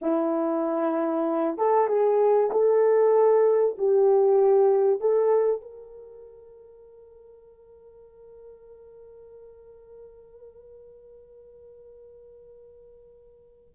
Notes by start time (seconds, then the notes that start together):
0.01 E4
1.57 A4
1.88 G#4
2.51 A4
3.78 G4
5.00 A4
5.61 A#4